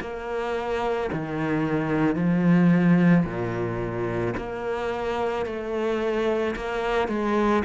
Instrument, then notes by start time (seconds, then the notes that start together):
cello
0.00 A#3
1.12 D#3
2.15 F3
3.24 A#2
4.37 A#3
5.45 A3
6.56 A#3
7.08 G#3